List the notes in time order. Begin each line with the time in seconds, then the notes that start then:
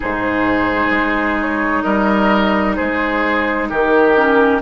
0.00 G#2 D#4 G#4 C5
0.90 G#3
1.41 C#5
1.82 G3 A#4 D#5
2.75 G#3 G#4 C5
3.69 D#3 G4 A#4
4.15 C#4